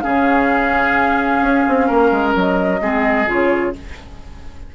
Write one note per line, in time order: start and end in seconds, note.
0.00 1.41 C#3
0.00 2.79 C#4
0.00 1.87 G#4
0.00 2.31 F5
1.41 1.64 C#4
1.67 1.90 C4
1.87 2.11 A#3
1.87 2.79 A#4
2.11 2.34 G#3
2.35 2.80 F#3
2.35 3.29 D#5
2.80 3.26 G#3
2.80 3.26 C4
2.80 3.74 G#4
3.26 3.73 C#3
3.26 3.72 F4
3.26 3.75 C#5